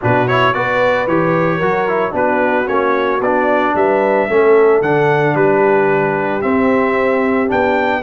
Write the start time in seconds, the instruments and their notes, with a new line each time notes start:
0.01 tuba B2, trombone D4, horn F#4, trumpet B4
0.27 trombone E4, trumpet C#5
0.53 tuba B3, trombone F#4, horn B4, trumpet D5
1.07 tuba E3, trombone G4, trumpet C#5
1.57 tuba F#3, trombone F#4, horn A#4
1.88 trombone E4
2.11 tuba B3, trombone D4, horn F#4, trumpet B4
2.66 tuba A#3, trombone C#4, trumpet C#5
3.20 tuba B3, trombone D4, trumpet D5
3.75 tuba G3, horn B4, trumpet E5
4.27 tuba A3, trombone C#4, horn A4
4.81 tuba D3, trombone D4, trumpet F#5
5.34 tuba G3, horn G4, trumpet B4
6.41 trombone C4, tuba C4, trumpet E5
7.47 tuba B3, trombone D4, trumpet G5